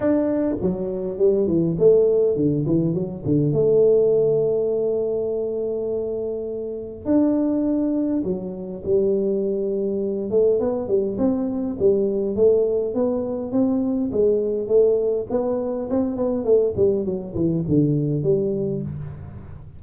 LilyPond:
\new Staff \with { instrumentName = "tuba" } { \time 4/4 \tempo 4 = 102 d'4 fis4 g8 e8 a4 | d8 e8 fis8 d8 a2~ | a1 | d'2 fis4 g4~ |
g4. a8 b8 g8 c'4 | g4 a4 b4 c'4 | gis4 a4 b4 c'8 b8 | a8 g8 fis8 e8 d4 g4 | }